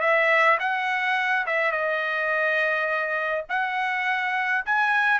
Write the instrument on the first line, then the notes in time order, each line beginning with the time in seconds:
trumpet
0.00 E5
0.59 F#5
1.46 E5
1.72 D#5
3.49 F#5
4.65 G#5